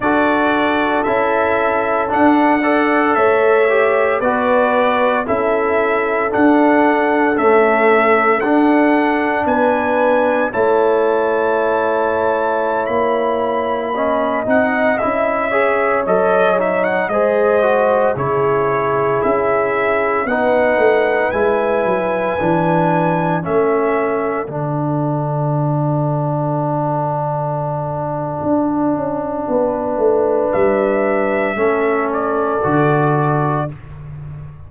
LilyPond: <<
  \new Staff \with { instrumentName = "trumpet" } { \time 4/4 \tempo 4 = 57 d''4 e''4 fis''4 e''4 | d''4 e''4 fis''4 e''4 | fis''4 gis''4 a''2~ | a''16 b''4. fis''8 e''4 dis''8 e''16 |
fis''16 dis''4 cis''4 e''4 fis''8.~ | fis''16 gis''2 e''4 fis''8.~ | fis''1~ | fis''4 e''4. d''4. | }
  \new Staff \with { instrumentName = "horn" } { \time 4/4 a'2~ a'8 d''8 cis''4 | b'4 a'2.~ | a'4 b'4 cis''2~ | cis''4~ cis''16 dis''4. cis''4~ cis''16~ |
cis''16 c''4 gis'2 b'8.~ | b'2~ b'16 a'4.~ a'16~ | a'1 | b'2 a'2 | }
  \new Staff \with { instrumentName = "trombone" } { \time 4/4 fis'4 e'4 d'8 a'4 g'8 | fis'4 e'4 d'4 a4 | d'2 e'2~ | e'4~ e'16 cis'8 dis'8 e'8 gis'8 a'8 dis'16~ |
dis'16 gis'8 fis'8 e'2 dis'8.~ | dis'16 e'4 d'4 cis'4 d'8.~ | d'1~ | d'2 cis'4 fis'4 | }
  \new Staff \with { instrumentName = "tuba" } { \time 4/4 d'4 cis'4 d'4 a4 | b4 cis'4 d'4 cis'4 | d'4 b4 a2~ | a16 ais4. c'8 cis'4 fis8.~ |
fis16 gis4 cis4 cis'4 b8 a16~ | a16 gis8 fis8 e4 a4 d8.~ | d2. d'8 cis'8 | b8 a8 g4 a4 d4 | }
>>